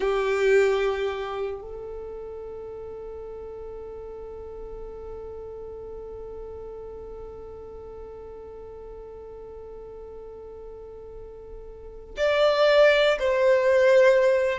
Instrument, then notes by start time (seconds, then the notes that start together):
violin
0.00 G4
1.61 A4
12.17 D5
13.19 C5